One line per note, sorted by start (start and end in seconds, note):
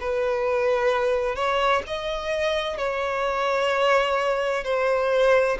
0.00 1.36 B4
1.36 1.82 C#5
1.87 2.77 D#5
2.77 4.64 C#5
4.64 5.58 C5